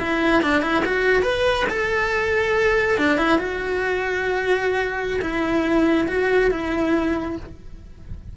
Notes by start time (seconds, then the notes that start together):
0.00 E4
0.43 D4
0.63 E4
0.86 F#4
1.23 B4
1.69 A4
2.98 D4
3.18 E4
3.39 F#4
5.22 E4
6.08 F#4
6.51 E4